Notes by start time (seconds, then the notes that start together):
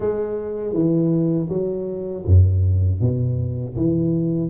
0.00 G#3
0.73 E3
1.49 F#3
2.25 F#2
3.00 B2
3.75 E3